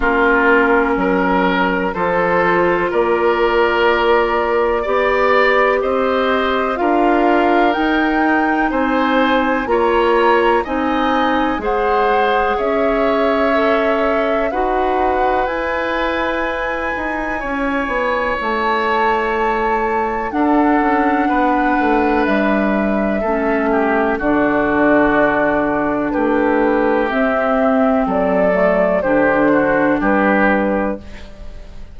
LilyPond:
<<
  \new Staff \with { instrumentName = "flute" } { \time 4/4 \tempo 4 = 62 ais'2 c''4 d''4~ | d''2 dis''4 f''4 | g''4 gis''4 ais''4 gis''4 | fis''4 e''2 fis''4 |
gis''2. a''4~ | a''4 fis''2 e''4~ | e''4 d''2 b'4 | e''4 d''4 c''4 b'4 | }
  \new Staff \with { instrumentName = "oboe" } { \time 4/4 f'4 ais'4 a'4 ais'4~ | ais'4 d''4 c''4 ais'4~ | ais'4 c''4 cis''4 dis''4 | c''4 cis''2 b'4~ |
b'2 cis''2~ | cis''4 a'4 b'2 | a'8 g'8 fis'2 g'4~ | g'4 a'4 g'8 fis'8 g'4 | }
  \new Staff \with { instrumentName = "clarinet" } { \time 4/4 cis'2 f'2~ | f'4 g'2 f'4 | dis'2 f'4 dis'4 | gis'2 a'4 fis'4 |
e'1~ | e'4 d'2. | cis'4 d'2. | c'4. a8 d'2 | }
  \new Staff \with { instrumentName = "bassoon" } { \time 4/4 ais4 fis4 f4 ais4~ | ais4 b4 c'4 d'4 | dis'4 c'4 ais4 c'4 | gis4 cis'2 dis'4 |
e'4. dis'8 cis'8 b8 a4~ | a4 d'8 cis'8 b8 a8 g4 | a4 d2 a4 | c'4 fis4 d4 g4 | }
>>